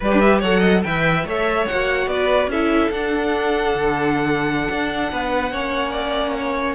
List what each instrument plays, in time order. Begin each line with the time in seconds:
0.00 cello G3, viola G4, violin B4 D5
0.11 violin D4
0.20 violin E5
0.39 cello F#3, viola A4, violin C#5 F#5
0.59 violin D#5
0.83 cello E3, viola B4, violin E5 G5
1.24 cello A3, viola A4, violin C#5 E5
1.66 cello A#3, viola F#4, violin F#5
2.06 cello B3, violin B4 D5
2.47 cello C#4, viola E4, violin A4 E5
2.90 cello D4, viola D4, violin F#5
3.74 cello D3
4.70 cello D4
5.11 cello B3, violin B4
5.51 cello A#3, viola C#4, violin C#5
5.91 violin D5
6.37 violin C#5